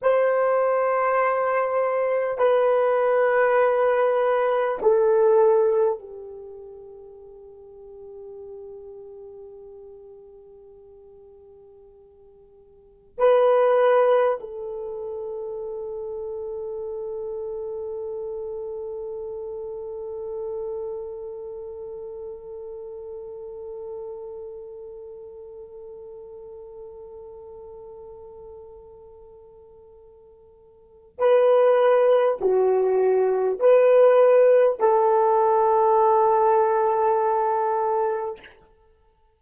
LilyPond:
\new Staff \with { instrumentName = "horn" } { \time 4/4 \tempo 4 = 50 c''2 b'2 | a'4 g'2.~ | g'2. b'4 | a'1~ |
a'1~ | a'1~ | a'2 b'4 fis'4 | b'4 a'2. | }